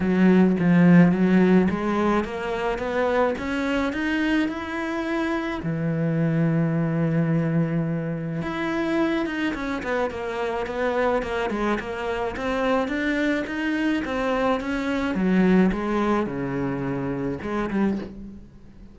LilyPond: \new Staff \with { instrumentName = "cello" } { \time 4/4 \tempo 4 = 107 fis4 f4 fis4 gis4 | ais4 b4 cis'4 dis'4 | e'2 e2~ | e2. e'4~ |
e'8 dis'8 cis'8 b8 ais4 b4 | ais8 gis8 ais4 c'4 d'4 | dis'4 c'4 cis'4 fis4 | gis4 cis2 gis8 g8 | }